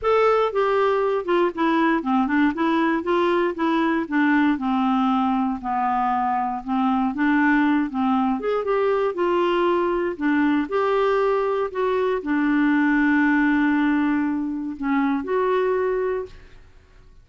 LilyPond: \new Staff \with { instrumentName = "clarinet" } { \time 4/4 \tempo 4 = 118 a'4 g'4. f'8 e'4 | c'8 d'8 e'4 f'4 e'4 | d'4 c'2 b4~ | b4 c'4 d'4. c'8~ |
c'8 gis'8 g'4 f'2 | d'4 g'2 fis'4 | d'1~ | d'4 cis'4 fis'2 | }